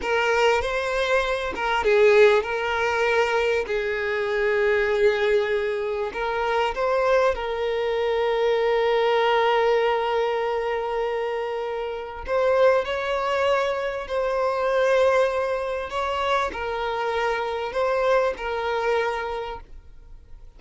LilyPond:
\new Staff \with { instrumentName = "violin" } { \time 4/4 \tempo 4 = 98 ais'4 c''4. ais'8 gis'4 | ais'2 gis'2~ | gis'2 ais'4 c''4 | ais'1~ |
ais'1 | c''4 cis''2 c''4~ | c''2 cis''4 ais'4~ | ais'4 c''4 ais'2 | }